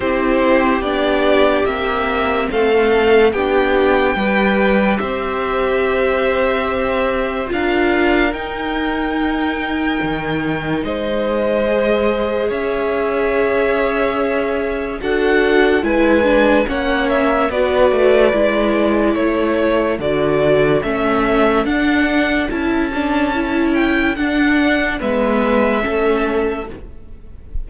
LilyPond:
<<
  \new Staff \with { instrumentName = "violin" } { \time 4/4 \tempo 4 = 72 c''4 d''4 e''4 f''4 | g''2 e''2~ | e''4 f''4 g''2~ | g''4 dis''2 e''4~ |
e''2 fis''4 gis''4 | fis''8 e''8 d''2 cis''4 | d''4 e''4 fis''4 a''4~ | a''8 g''8 fis''4 e''2 | }
  \new Staff \with { instrumentName = "violin" } { \time 4/4 g'2. a'4 | g'4 b'4 c''2~ | c''4 ais'2.~ | ais'4 c''2 cis''4~ |
cis''2 a'4 b'4 | cis''4 b'2 a'4~ | a'1~ | a'2 b'4 a'4 | }
  \new Staff \with { instrumentName = "viola" } { \time 4/4 e'4 d'4 c'2 | d'4 g'2.~ | g'4 f'4 dis'2~ | dis'2 gis'2~ |
gis'2 fis'4 e'8 d'8 | cis'4 fis'4 e'2 | fis'4 cis'4 d'4 e'8 d'8 | e'4 d'4 b4 cis'4 | }
  \new Staff \with { instrumentName = "cello" } { \time 4/4 c'4 b4 ais4 a4 | b4 g4 c'2~ | c'4 d'4 dis'2 | dis4 gis2 cis'4~ |
cis'2 d'4 gis4 | ais4 b8 a8 gis4 a4 | d4 a4 d'4 cis'4~ | cis'4 d'4 gis4 a4 | }
>>